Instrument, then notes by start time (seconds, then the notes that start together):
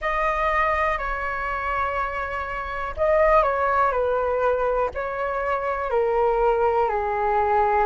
flute
0.01 D#5
0.97 C#5
2.96 D#5
3.42 C#5
3.91 B4
4.94 C#5
5.90 A#4
6.89 G#4